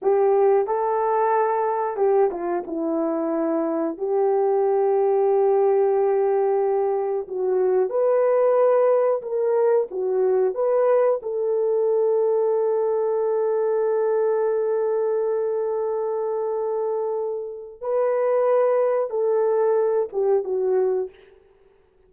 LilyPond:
\new Staff \with { instrumentName = "horn" } { \time 4/4 \tempo 4 = 91 g'4 a'2 g'8 f'8 | e'2 g'2~ | g'2. fis'4 | b'2 ais'4 fis'4 |
b'4 a'2.~ | a'1~ | a'2. b'4~ | b'4 a'4. g'8 fis'4 | }